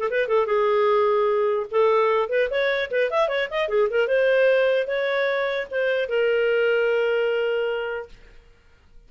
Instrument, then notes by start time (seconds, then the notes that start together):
clarinet
0.00 A4
0.11 B4
0.28 A4
0.47 G#4
1.71 A4
2.30 B4
2.51 C#5
2.91 B4
3.11 E5
3.29 C#5
3.51 D#5
3.69 G#4
3.90 A#4
4.08 C5
4.87 C#5
5.71 C5
6.09 A#4